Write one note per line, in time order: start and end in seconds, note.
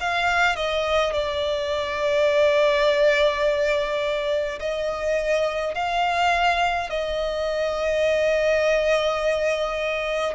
0.00 0.56 F5
0.56 1.13 D#5
1.13 4.59 D5
4.59 5.75 D#5
5.75 6.90 F5
6.90 10.35 D#5